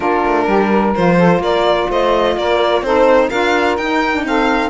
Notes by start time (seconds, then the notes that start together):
0.00 A#3 D4 F4 A#4
0.25 A3
0.47 G3 G4
0.69 A#4
0.95 F3 F4 C5
1.17 A4
1.38 A#3 A#4 D5
1.89 A3 C5 D#5
2.36 A#3 A#4 D5
2.81 C4 D#4 A4 C5
3.28 D4 F4 A#4 F5
3.77 D#4 G5
4.13 D4
4.25 C4 A4 F5